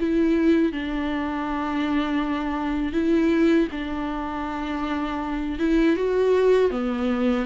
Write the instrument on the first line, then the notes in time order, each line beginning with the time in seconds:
viola
0.00 E4
0.72 D4
2.93 E4
3.72 D4
5.59 E4
5.97 F#4
6.71 B3